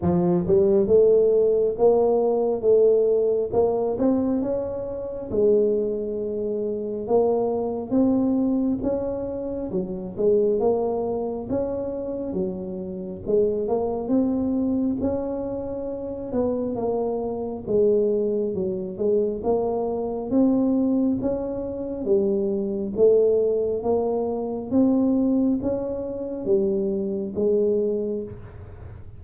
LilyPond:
\new Staff \with { instrumentName = "tuba" } { \time 4/4 \tempo 4 = 68 f8 g8 a4 ais4 a4 | ais8 c'8 cis'4 gis2 | ais4 c'4 cis'4 fis8 gis8 | ais4 cis'4 fis4 gis8 ais8 |
c'4 cis'4. b8 ais4 | gis4 fis8 gis8 ais4 c'4 | cis'4 g4 a4 ais4 | c'4 cis'4 g4 gis4 | }